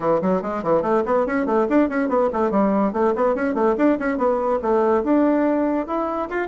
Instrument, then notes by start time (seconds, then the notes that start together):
bassoon
0.00 E3
0.21 F#3
0.42 G#3
0.63 E3
0.82 A3
1.05 B3
1.26 C#4
1.46 A3
1.69 D4
1.89 C#4
2.08 B3
2.32 A3
2.50 G3
2.93 A3
3.15 B3
3.35 C#4
3.54 A3
3.77 D4
3.99 C#4
4.17 B3
4.62 A3
5.03 D4
5.86 E4
6.29 F4